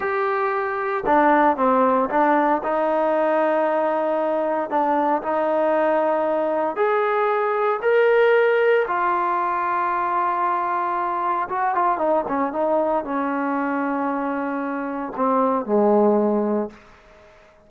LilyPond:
\new Staff \with { instrumentName = "trombone" } { \time 4/4 \tempo 4 = 115 g'2 d'4 c'4 | d'4 dis'2.~ | dis'4 d'4 dis'2~ | dis'4 gis'2 ais'4~ |
ais'4 f'2.~ | f'2 fis'8 f'8 dis'8 cis'8 | dis'4 cis'2.~ | cis'4 c'4 gis2 | }